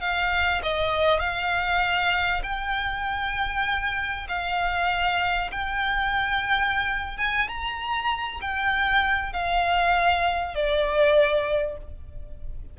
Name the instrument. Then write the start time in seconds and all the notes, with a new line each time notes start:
violin
0.00 F5
0.63 D#5
1.19 F5
2.43 G5
4.28 F5
5.51 G5
7.17 G#5
7.48 A#5
8.41 G5
9.33 F5
10.54 D5